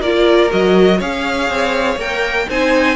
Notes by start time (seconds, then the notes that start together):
0.00 A#3 F4 A#4 D5
0.50 F#3 F#4 D#5
0.98 C#4 G#4 C#5 F5
1.50 C4
1.96 A#3 A#4 G5
2.49 C4 D#4 C5 G#5